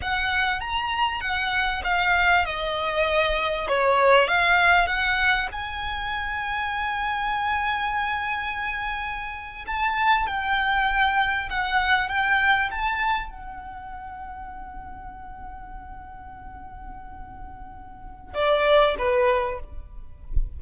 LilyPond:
\new Staff \with { instrumentName = "violin" } { \time 4/4 \tempo 4 = 98 fis''4 ais''4 fis''4 f''4 | dis''2 cis''4 f''4 | fis''4 gis''2.~ | gis''2.~ gis''8. a''16~ |
a''8. g''2 fis''4 g''16~ | g''8. a''4 fis''2~ fis''16~ | fis''1~ | fis''2 d''4 b'4 | }